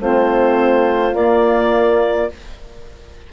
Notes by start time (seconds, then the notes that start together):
0.00 A3 C4 F4 C5
1.12 A#3 D5